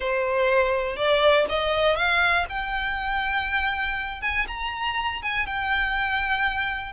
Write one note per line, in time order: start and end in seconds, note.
0.00 0.96 C5
0.96 1.46 D5
1.49 1.96 D#5
1.96 2.45 F5
2.49 4.21 G5
4.21 4.46 G#5
4.47 5.22 A#5
5.22 5.46 G#5
5.46 6.92 G5